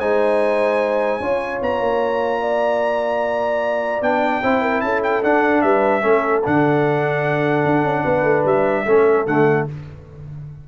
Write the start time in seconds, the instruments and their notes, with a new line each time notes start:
0.00 tuba G#3, trombone D#4, horn C5, trumpet G#5
1.20 tuba C#4, trombone F4, horn C#5
1.62 tuba B3, trumpet A#5
1.80 tuba A#3
2.41 horn D5
4.02 tuba B3, trombone D4, trumpet G5
4.42 tuba C4, trombone E4, horn C5
4.62 horn A#4
4.81 tuba C#4, horn A4, trumpet A5
5.03 trumpet G5
5.24 tuba D4, trombone D4, trumpet F#5
5.62 tuba G3, horn B4, trumpet E5
6.02 tuba A3, trombone C#4, horn A4
6.45 tuba D3, trombone D4, trumpet F#5
7.66 tuba D4
7.84 tuba C#4
8.04 tuba B3, horn B4
8.23 tuba A3
8.45 tuba G3, trumpet E5
8.85 tuba A3, trombone C#4, horn A4
9.27 tuba D3, trombone A3, trumpet F#5